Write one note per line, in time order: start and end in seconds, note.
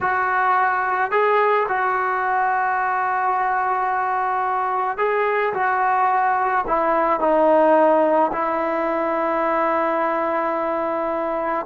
0.01 1.11 F#4
1.11 1.66 G#4
1.68 4.97 F#4
4.97 5.53 G#4
5.53 6.64 F#4
6.67 7.19 E4
7.19 8.31 D#4
8.32 11.65 E4